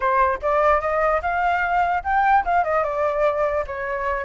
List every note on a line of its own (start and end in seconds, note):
0.00 0.39 C5
0.42 0.80 D5
0.80 1.21 D#5
1.22 2.03 F5
2.03 2.44 G5
2.45 2.64 F5
2.64 2.83 D#5
2.83 3.64 D5
3.66 4.24 C#5